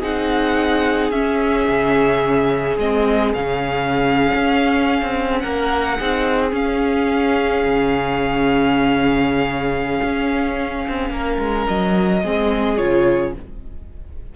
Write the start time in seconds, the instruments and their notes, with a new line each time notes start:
0.00 cello C4, viola D#4, violin G#4 F#5
1.11 cello C#4, viola C#4, violin E5
1.68 cello C#3
2.78 cello G#3, viola C4, violin D#5
3.34 cello C#3, viola C#4, violin F5
4.34 cello C#4
5.02 cello C4
5.39 cello A#3, violin A#4 F#5
5.99 cello C4, viola D#4, violin G#4
6.51 viola C#4, cello C#4, violin F5
7.64 cello C#3
10.03 cello C#4
10.88 cello C4
11.10 cello A#3, violin A#4
11.39 cello G#3
11.67 cello F#3, violin D#5
12.23 cello G#3, viola C4, violin G#4
12.77 cello C#3, viola F4, violin C#5